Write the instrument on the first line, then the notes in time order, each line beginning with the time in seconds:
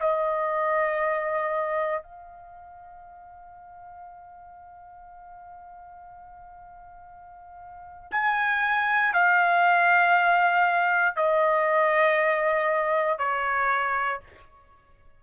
trumpet
0.00 D#5
2.03 F5
8.12 G#5
9.13 F5
11.16 D#5
13.19 C#5